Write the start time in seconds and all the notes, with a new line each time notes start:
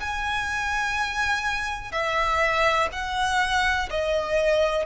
0.00 G#5
1.92 E5
2.92 F#5
3.90 D#5